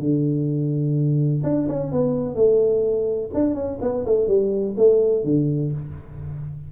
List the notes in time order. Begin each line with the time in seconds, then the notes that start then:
0.00 D3
1.44 D4
1.68 C#4
1.92 B3
2.35 A3
3.34 D4
3.55 C#4
3.82 B3
4.06 A3
4.28 G3
4.77 A3
5.24 D3